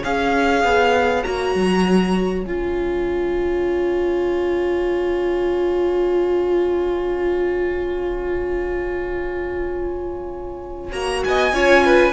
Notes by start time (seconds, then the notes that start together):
0.00 C#4 G#4 C#5 F5
0.65 B3
1.24 A#3 F#4 A#5
1.56 F#3
2.45 C#4 F4 G#5
10.92 A#3 F#4 A#5
11.25 B3 D#5 G#5
11.53 C#4 F4 C#5
11.86 B4